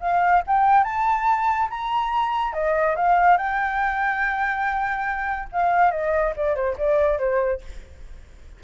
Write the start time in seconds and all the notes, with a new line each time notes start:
0.00 F5
0.46 G5
0.84 A5
1.69 A#5
2.53 D#5
2.95 F5
3.37 G5
5.52 F5
5.91 D#5
6.36 D5
6.55 C5
6.77 D5
7.18 C5